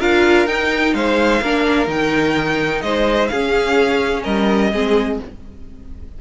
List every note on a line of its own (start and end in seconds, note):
0.00 0.47 D4
0.00 0.48 F4
0.00 0.94 A#4
0.00 0.47 F5
0.47 0.94 D#4
0.47 1.42 D#4
0.47 0.94 G5
0.94 1.41 G#3
0.94 1.42 C5
0.94 1.89 F5
1.42 1.87 A#3
1.42 1.87 D4
1.42 2.84 A#4
1.87 2.82 D#3
1.87 3.29 D#4
1.87 2.82 G5
2.82 3.30 G#3
2.82 3.31 C5
2.82 3.28 D#5
3.28 4.74 C#4
3.28 4.26 C#4
3.28 4.24 G#4
3.28 4.23 F5
4.24 4.73 G3
4.24 4.71 A#4
4.24 5.19 D#5
4.73 5.20 G#3
4.73 5.21 C4
4.73 5.21 G#4